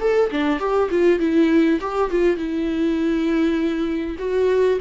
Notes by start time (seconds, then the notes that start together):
0.00 A4
0.31 D4
0.59 G4
0.90 F4
1.19 E4
1.81 G4
2.10 F4
2.36 E4
4.18 F#4